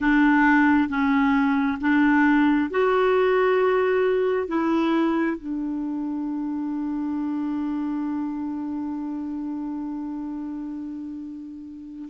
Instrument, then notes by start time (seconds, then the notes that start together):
clarinet
0.00 D4
0.88 C#4
1.80 D4
2.70 F#4
4.47 E4
5.37 D4